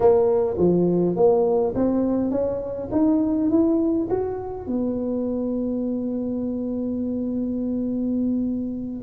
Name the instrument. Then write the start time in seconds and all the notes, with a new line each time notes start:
tuba
0.00 A#3
0.57 F3
1.15 A#3
1.75 C4
2.30 C#4
2.91 D#4
3.50 E4
4.09 F#4
4.66 B3